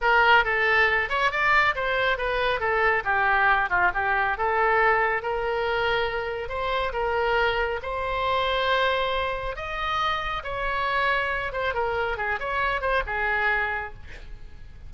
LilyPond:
\new Staff \with { instrumentName = "oboe" } { \time 4/4 \tempo 4 = 138 ais'4 a'4. cis''8 d''4 | c''4 b'4 a'4 g'4~ | g'8 f'8 g'4 a'2 | ais'2. c''4 |
ais'2 c''2~ | c''2 dis''2 | cis''2~ cis''8 c''8 ais'4 | gis'8 cis''4 c''8 gis'2 | }